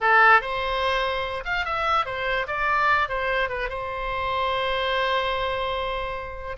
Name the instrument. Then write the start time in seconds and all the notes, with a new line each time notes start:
oboe
0.01 A4
0.41 C5
1.45 F5
1.65 E5
2.05 C5
2.47 D5
3.09 C5
3.49 B4
3.69 C5